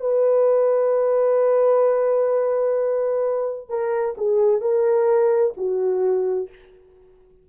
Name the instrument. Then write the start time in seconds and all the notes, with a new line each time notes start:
horn
0.00 B4
3.69 A#4
4.17 G#4
4.61 A#4
5.57 F#4